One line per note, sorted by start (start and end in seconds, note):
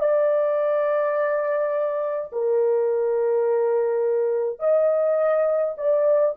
0.00 2.31 D5
2.32 4.59 A#4
4.59 5.75 D#5
5.77 6.35 D5